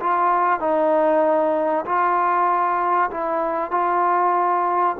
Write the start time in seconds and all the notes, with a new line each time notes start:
0.00 F4
0.60 D#4
1.86 F4
3.11 E4
3.71 F4